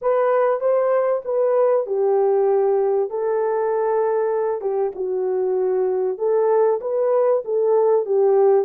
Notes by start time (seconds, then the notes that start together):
0.01 B4
0.60 C5
1.24 B4
1.86 G4
3.09 A4
4.61 G4
4.95 F#4
6.18 A4
6.80 B4
7.44 A4
8.05 G4